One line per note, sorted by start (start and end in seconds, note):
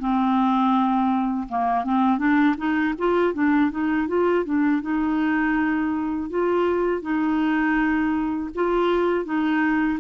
0.00 1.48 C4
1.49 1.85 A#3
1.85 2.19 C4
2.19 2.56 D4
2.58 2.95 D#4
2.99 3.34 F4
3.34 3.71 D4
3.71 4.08 D#4
4.08 4.45 F4
4.45 4.82 D4
4.82 6.30 D#4
6.30 7.02 F4
7.02 8.50 D#4
8.56 9.25 F4
9.25 9.99 D#4